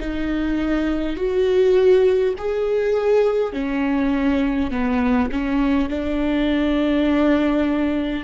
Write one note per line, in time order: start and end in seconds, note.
0.00 1.17 D#4
1.17 2.34 F#4
2.39 3.53 G#4
3.53 4.71 C#4
4.71 5.30 B3
5.32 5.89 C#4
5.89 8.24 D4